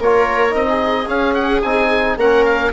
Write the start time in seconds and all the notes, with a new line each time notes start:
0.00 A#3 F4 A#4 C#5
0.50 C4 D#4 D#5
0.69 G#4
1.07 C#4 F5
1.34 F#5
1.63 C4 D#4 G#5
2.17 A#3 C#4 A#4 F#5
2.45 F5